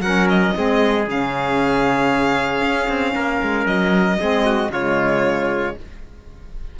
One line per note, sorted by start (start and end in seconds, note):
0.00 0.52 F#3
0.00 0.55 C#4
0.00 0.56 A#4
0.00 0.28 F#5
0.29 1.07 D#5
0.55 1.08 G#3
0.55 1.06 C4
0.55 3.15 G#4
1.06 2.62 C#3
1.06 4.19 C#4
1.06 3.67 F5
2.62 2.88 C#4
2.88 3.15 C4
3.15 3.42 A#3
3.15 4.19 A#4
3.42 3.66 G#3
3.66 4.18 F#3
3.66 4.71 D#5
4.19 4.70 G#3
4.19 4.72 C4
4.19 4.45 G#4
4.45 4.72 F#4
4.70 5.74 C#3
4.70 5.80 G#3
4.70 5.77 F4
4.70 5.77 C#5